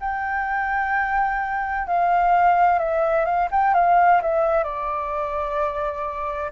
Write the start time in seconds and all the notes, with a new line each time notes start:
0.00 G5
1.87 F5
2.79 E5
3.25 F5
3.51 G5
3.74 F5
4.22 E5
4.64 D5